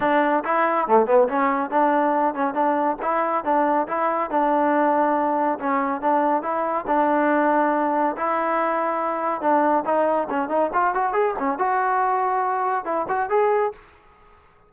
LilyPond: \new Staff \with { instrumentName = "trombone" } { \time 4/4 \tempo 4 = 140 d'4 e'4 a8 b8 cis'4 | d'4. cis'8 d'4 e'4 | d'4 e'4 d'2~ | d'4 cis'4 d'4 e'4 |
d'2. e'4~ | e'2 d'4 dis'4 | cis'8 dis'8 f'8 fis'8 gis'8 cis'8 fis'4~ | fis'2 e'8 fis'8 gis'4 | }